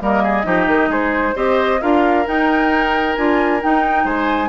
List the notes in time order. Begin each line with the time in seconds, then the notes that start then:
0.00 G3 A#3 A#4 D#5
0.23 G#4
0.44 F3 D#4 G4
0.67 D#3
0.89 G#3 G#4 C5
1.35 C4 G4 C5 D#5
1.81 D4 F4 A#4 F5
2.25 D#4 G5
3.16 D4 F4 G#5
3.61 D#4 G5
4.04 G#3 C5 G#5